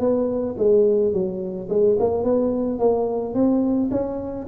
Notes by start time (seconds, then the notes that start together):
0.00 B3
0.58 G#3
1.13 F#3
1.69 G#3
1.99 A#3
2.24 B3
2.79 A#3
3.34 C4
3.91 C#4